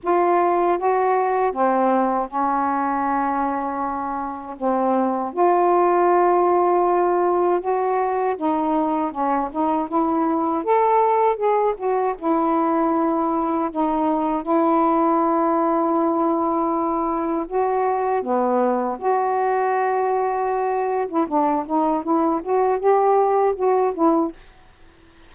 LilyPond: \new Staff \with { instrumentName = "saxophone" } { \time 4/4 \tempo 4 = 79 f'4 fis'4 c'4 cis'4~ | cis'2 c'4 f'4~ | f'2 fis'4 dis'4 | cis'8 dis'8 e'4 a'4 gis'8 fis'8 |
e'2 dis'4 e'4~ | e'2. fis'4 | b4 fis'2~ fis'8. e'16 | d'8 dis'8 e'8 fis'8 g'4 fis'8 e'8 | }